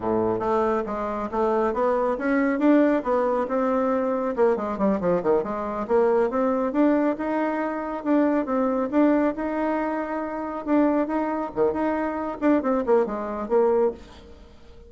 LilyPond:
\new Staff \with { instrumentName = "bassoon" } { \time 4/4 \tempo 4 = 138 a,4 a4 gis4 a4 | b4 cis'4 d'4 b4 | c'2 ais8 gis8 g8 f8 | dis8 gis4 ais4 c'4 d'8~ |
d'8 dis'2 d'4 c'8~ | c'8 d'4 dis'2~ dis'8~ | dis'8 d'4 dis'4 dis8 dis'4~ | dis'8 d'8 c'8 ais8 gis4 ais4 | }